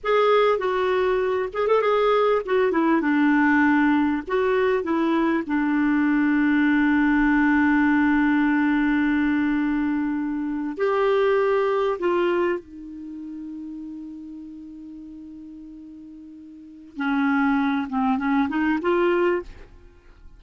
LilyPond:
\new Staff \with { instrumentName = "clarinet" } { \time 4/4 \tempo 4 = 99 gis'4 fis'4. gis'16 a'16 gis'4 | fis'8 e'8 d'2 fis'4 | e'4 d'2.~ | d'1~ |
d'4.~ d'16 g'2 f'16~ | f'8. dis'2.~ dis'16~ | dis'1 | cis'4. c'8 cis'8 dis'8 f'4 | }